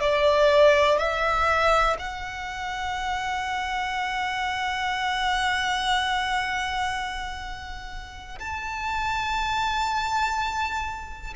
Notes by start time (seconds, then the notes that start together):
0.00 D5
0.98 E5
1.99 F#5
8.39 A5